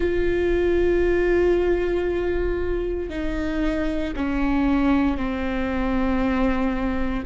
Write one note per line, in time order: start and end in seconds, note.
0.00 3.09 F4
3.09 4.13 D#4
4.16 5.17 C#4
5.17 7.24 C4